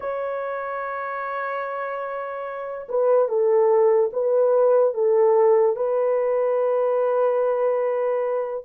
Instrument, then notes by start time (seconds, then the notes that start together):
horn
0.00 C#5
2.88 B4
3.28 A4
4.12 B4
4.94 A4
5.75 B4